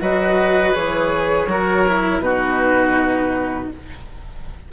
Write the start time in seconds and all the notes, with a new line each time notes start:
0.00 F#3 F#4 B4 D#5
0.73 E3 G#4 C#5
1.46 F#3 F#4 A#4
1.88 E4
2.19 B2 D#4 F#4 B4